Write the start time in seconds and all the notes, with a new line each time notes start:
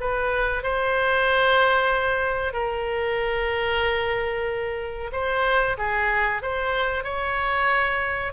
0.00 B4
0.62 C5
2.52 A#4
5.12 C5
5.77 G#4
6.42 C5
7.03 C#5